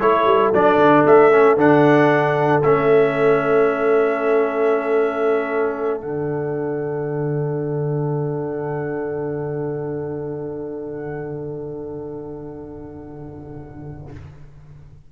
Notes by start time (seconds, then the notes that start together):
0.00 A3 E4 A4 C#5
0.25 G3
0.52 F#3 D4 D5
0.77 D3
1.06 A3 E5
1.31 C#4
1.57 D3 D4 F#5
2.62 A3 C#4 E5
6.00 D3 D4 F#5